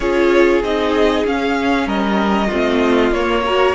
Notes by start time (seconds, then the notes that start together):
0.00 C#4 F4 G#4 C#5
0.62 C4 D#4 D#5
1.25 C#4 F5
1.86 G3 A#4 D#5
2.47 A3 C4 F4
3.11 A#3 C#5
3.44 F#4 A#4